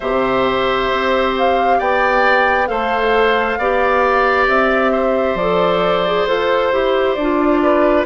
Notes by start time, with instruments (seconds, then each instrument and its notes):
0.00 bassoon C3, clarinet G4, oboe C5, flute E5
0.91 bassoon C4
1.38 flute F5
1.78 bassoon B3, oboe D5, flute G5
2.67 bassoon A3, clarinet A4, oboe C5, flute F5
3.58 bassoon B3, clarinet G4, oboe D5
4.47 bassoon C4, flute E5
4.92 oboe C5
5.34 bassoon F3, clarinet A4, flute D5
6.07 clarinet G#4
6.27 bassoon F4, clarinet A4, flute C5
6.72 bassoon E4, clarinet G4
7.14 bassoon D4, flute D5
7.21 clarinet F4
7.62 oboe B4